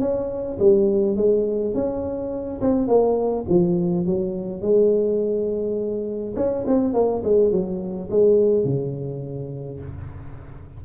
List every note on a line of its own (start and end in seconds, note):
0.00 0.58 C#4
0.59 1.17 G3
1.17 1.74 G#3
1.74 2.61 C#4
2.61 2.88 C4
2.88 3.45 A#3
3.49 4.06 F3
4.06 4.62 F#3
4.62 6.35 G#3
6.36 6.65 C#4
6.67 6.94 C4
6.94 7.22 A#3
7.24 7.52 G#3
7.52 8.09 F#3
8.11 8.65 G#3
8.65 9.80 C#3